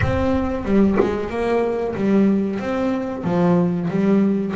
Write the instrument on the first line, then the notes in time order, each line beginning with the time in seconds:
double bass
0.01 C4
0.64 G3
1.00 G#3
1.29 A#3
1.95 G3
2.59 C4
3.23 F3
3.90 G3